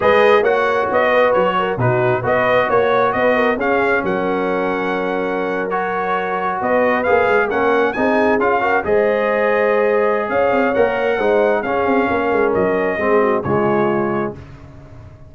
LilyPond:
<<
  \new Staff \with { instrumentName = "trumpet" } { \time 4/4 \tempo 4 = 134 dis''4 fis''4 dis''4 cis''4 | b'4 dis''4 cis''4 dis''4 | f''4 fis''2.~ | fis''8. cis''2 dis''4 f''16~ |
f''8. fis''4 gis''4 f''4 dis''16~ | dis''2. f''4 | fis''2 f''2 | dis''2 cis''2 | }
  \new Staff \with { instrumentName = "horn" } { \time 4/4 b'4 cis''4. b'4 ais'8 | fis'4 b'4 cis''4 b'8 ais'8 | gis'4 ais'2.~ | ais'2~ ais'8. b'4~ b'16~ |
b'8. ais'4 gis'4. ais'8 c''16~ | c''2. cis''4~ | cis''4 c''4 gis'4 ais'4~ | ais'4 gis'8 fis'8 f'2 | }
  \new Staff \with { instrumentName = "trombone" } { \time 4/4 gis'4 fis'2. | dis'4 fis'2. | cis'1~ | cis'8. fis'2. gis'16~ |
gis'8. cis'4 dis'4 f'8 fis'8 gis'16~ | gis'1 | ais'4 dis'4 cis'2~ | cis'4 c'4 gis2 | }
  \new Staff \with { instrumentName = "tuba" } { \time 4/4 gis4 ais4 b4 fis4 | b,4 b4 ais4 b4 | cis'4 fis2.~ | fis2~ fis8. b4 ais16~ |
ais16 gis8 ais4 c'4 cis'4 gis16~ | gis2. cis'8 c'8 | ais4 gis4 cis'8 c'8 ais8 gis8 | fis4 gis4 cis2 | }
>>